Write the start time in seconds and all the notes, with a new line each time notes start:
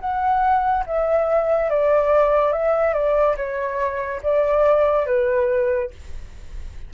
0.00 F#5
0.87 E5
1.70 D5
2.52 E5
2.94 D5
3.37 C#5
4.23 D5
5.07 B4